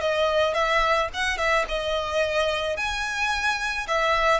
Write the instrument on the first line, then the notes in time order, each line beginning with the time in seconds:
violin
0.00 D#5
0.54 E5
1.13 F#5
1.37 E5
1.68 D#5
2.76 G#5
3.87 E5